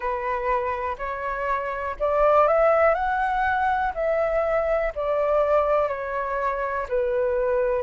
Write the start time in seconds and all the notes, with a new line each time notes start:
0.00 B4
0.98 C#5
1.99 D5
2.47 E5
2.94 F#5
3.94 E5
4.94 D5
5.88 C#5
6.89 B4